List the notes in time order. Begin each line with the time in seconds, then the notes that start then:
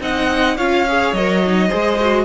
0.00 C4 D#4 D#5 F#5
0.57 C#4 F4 C#5 F5
0.88 G#4
1.12 F#3 A#4 D#5
1.45 D#4
1.67 G#3 G#4 C5
2.00 F#4